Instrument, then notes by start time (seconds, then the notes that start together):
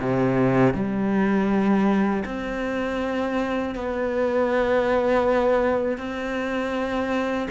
cello
0.00 C3
0.74 G3
2.25 C4
3.75 B3
5.98 C4